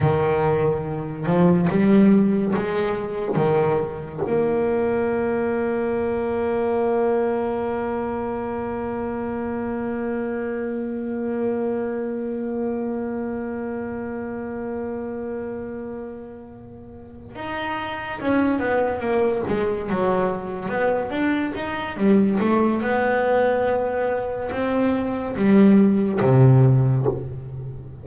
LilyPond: \new Staff \with { instrumentName = "double bass" } { \time 4/4 \tempo 4 = 71 dis4. f8 g4 gis4 | dis4 ais2.~ | ais1~ | ais1~ |
ais1~ | ais8 dis'4 cis'8 b8 ais8 gis8 fis8~ | fis8 b8 d'8 dis'8 g8 a8 b4~ | b4 c'4 g4 c4 | }